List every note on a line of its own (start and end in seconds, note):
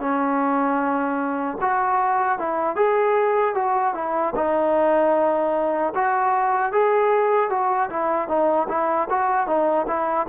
0.00 1.58 C#4
1.61 2.39 F#4
2.39 2.76 E4
2.76 3.55 G#4
3.55 3.94 F#4
3.95 4.34 E4
4.36 5.94 D#4
5.95 6.72 F#4
6.72 7.50 G#4
7.50 7.90 F#4
7.90 8.28 E4
8.28 8.68 D#4
8.69 9.08 E4
9.10 9.47 F#4
9.47 9.86 D#4
9.88 10.27 E4